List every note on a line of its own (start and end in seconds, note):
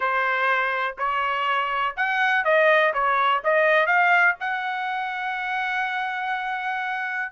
0.00 0.95 C5
0.98 1.95 C#5
1.96 2.44 F#5
2.44 2.93 D#5
2.93 3.42 C#5
3.44 3.86 D#5
3.86 4.35 F5
4.40 7.32 F#5